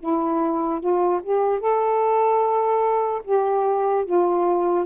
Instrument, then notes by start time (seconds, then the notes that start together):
saxophone
0.00 E4
0.81 F4
1.23 G4
1.60 A4
3.25 G4
4.05 F4